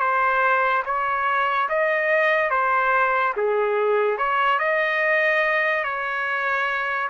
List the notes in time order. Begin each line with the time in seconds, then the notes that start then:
0.00 C5
0.86 C#5
1.69 D#5
2.50 C5
3.37 G#4
4.18 C#5
4.59 D#5
5.84 C#5